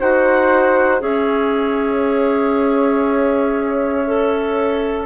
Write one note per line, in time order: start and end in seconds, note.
0.00 1.02 D#4
0.00 1.00 F#4
0.00 1.01 C5
0.00 1.02 F#5
1.00 5.06 C#4
1.00 4.05 G#4
1.00 5.06 C#5
1.00 5.06 E5
4.07 5.06 A4